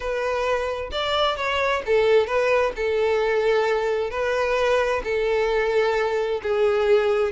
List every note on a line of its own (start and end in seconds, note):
0.00 0.90 B4
0.91 1.36 D5
1.36 1.82 C#5
1.86 2.26 A4
2.26 2.72 B4
2.76 4.10 A4
4.10 5.02 B4
5.03 6.41 A4
6.42 7.32 G#4